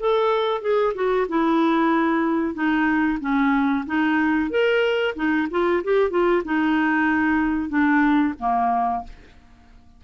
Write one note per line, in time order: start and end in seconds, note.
0.00 0.62 A4
0.62 0.94 G#4
0.95 1.27 F#4
1.29 2.54 E4
2.54 3.19 D#4
3.21 3.85 C#4
3.86 4.50 D#4
4.50 5.15 A#4
5.16 5.48 D#4
5.51 5.83 F4
5.84 6.11 G4
6.11 6.43 F4
6.45 7.69 D#4
7.69 8.34 D4
8.39 9.04 A#3